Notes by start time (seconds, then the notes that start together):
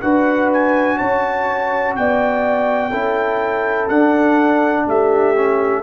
0.00 D4 F#4 B4 F#5
0.53 G#5
0.98 C#4 C#5 A5
1.95 B3 D5 G5
2.90 C#4 E4 A4
3.88 D4 F#5
4.86 A3 G4 E5
5.35 C#4